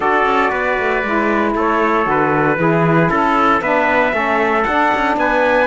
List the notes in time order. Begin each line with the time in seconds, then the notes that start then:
0.00 D4 F#4 A4 D5
0.25 C#4
0.50 B3 B4
0.78 A3
1.03 G#3 E4
1.54 A3 A4 C#5
2.04 D3 F#4 B4
2.57 E3 E4 G#4
3.09 C#4 A4
3.61 B3 D4 B4 E5
4.11 A3 C#4 A4
4.64 D4 F#5
4.94 C#4
5.16 B3 B4 G#5